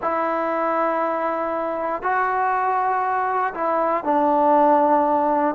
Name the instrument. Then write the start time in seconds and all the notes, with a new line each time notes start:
trombone
0.02 E4
2.02 F#4
3.54 E4
4.04 D4